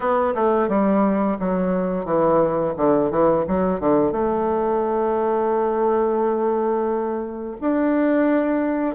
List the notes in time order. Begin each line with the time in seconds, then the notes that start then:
0.00 B3
0.34 A3
0.68 G3
1.39 F#3
2.05 E3
2.76 D3
3.10 E3
3.47 F#3
3.80 D3
4.12 A3
7.61 D4